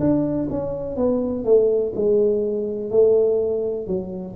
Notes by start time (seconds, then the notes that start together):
0.00 D4
0.50 C#4
0.96 B3
1.45 A3
1.95 G#3
2.91 A3
3.87 F#3